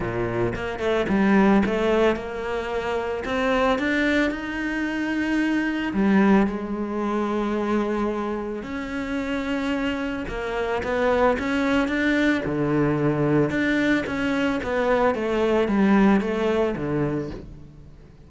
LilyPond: \new Staff \with { instrumentName = "cello" } { \time 4/4 \tempo 4 = 111 ais,4 ais8 a8 g4 a4 | ais2 c'4 d'4 | dis'2. g4 | gis1 |
cis'2. ais4 | b4 cis'4 d'4 d4~ | d4 d'4 cis'4 b4 | a4 g4 a4 d4 | }